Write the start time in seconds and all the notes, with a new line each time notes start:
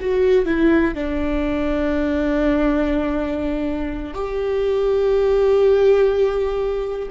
0.00 F#4
0.45 E4
0.94 D4
4.14 G4